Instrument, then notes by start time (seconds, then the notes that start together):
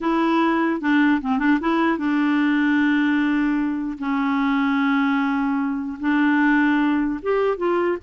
clarinet
0.00 E4
0.80 D4
1.21 C4
1.38 D4
1.60 E4
1.98 D4
3.98 C#4
5.99 D4
7.22 G4
7.57 F4